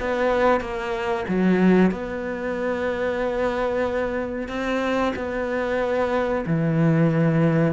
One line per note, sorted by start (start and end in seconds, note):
0.00 0.61 B3
0.61 1.25 A#3
1.28 1.91 F#3
1.91 4.49 B3
4.49 5.13 C4
5.16 6.45 B3
6.47 7.74 E3